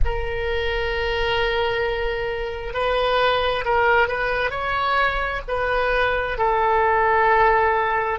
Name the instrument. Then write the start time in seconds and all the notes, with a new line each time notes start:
oboe
0.05 A#4
2.73 B4
3.64 A#4
4.07 B4
4.50 C#5
5.48 B4
6.38 A4